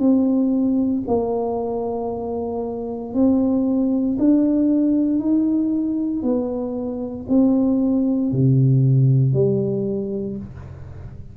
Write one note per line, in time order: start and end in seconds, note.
0.00 1.03 C4
1.08 3.14 A#3
3.14 4.18 C4
4.19 5.20 D4
5.20 6.23 D#4
6.23 7.26 B3
7.29 8.32 C4
8.32 9.34 C3
9.34 10.37 G3